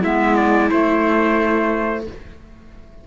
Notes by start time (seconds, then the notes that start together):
0.00 G#3 B3 E4 E5
0.35 D5
0.70 A3 C5